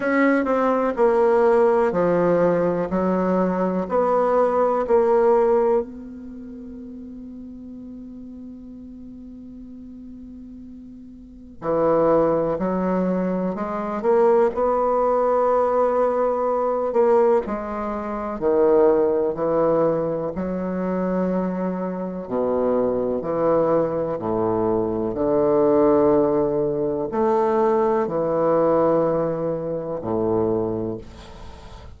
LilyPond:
\new Staff \with { instrumentName = "bassoon" } { \time 4/4 \tempo 4 = 62 cis'8 c'8 ais4 f4 fis4 | b4 ais4 b2~ | b1 | e4 fis4 gis8 ais8 b4~ |
b4. ais8 gis4 dis4 | e4 fis2 b,4 | e4 a,4 d2 | a4 e2 a,4 | }